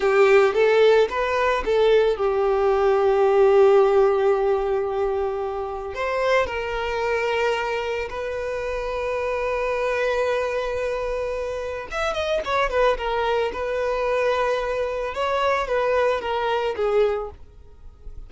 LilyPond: \new Staff \with { instrumentName = "violin" } { \time 4/4 \tempo 4 = 111 g'4 a'4 b'4 a'4 | g'1~ | g'2. c''4 | ais'2. b'4~ |
b'1~ | b'2 e''8 dis''8 cis''8 b'8 | ais'4 b'2. | cis''4 b'4 ais'4 gis'4 | }